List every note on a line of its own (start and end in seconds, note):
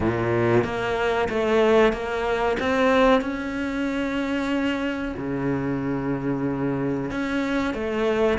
0.00 0.63 A#2
0.63 1.28 A#3
1.29 1.92 A3
1.92 2.57 A#3
2.59 3.21 C4
3.21 5.14 C#4
5.17 7.10 C#3
7.10 7.74 C#4
7.74 8.38 A3